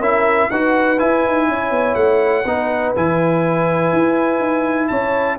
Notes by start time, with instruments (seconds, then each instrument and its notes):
0.00 tuba C#4, trombone E4, horn A#4, trumpet E5
0.50 tuba D#4, trombone F#4, horn B4, trumpet F#5
0.98 trombone E4, tuba E4, trumpet G#5
1.26 tuba D#4
1.48 tuba C#4, horn C#5
1.71 tuba B3
1.95 tuba A3, trumpet F#5
2.45 tuba B3, trombone D#4, horn B4
2.96 tuba E3, trombone E4, trumpet G#5
3.93 tuba E4
4.40 tuba D#4
4.88 tuba C#4, horn C#5, trumpet A5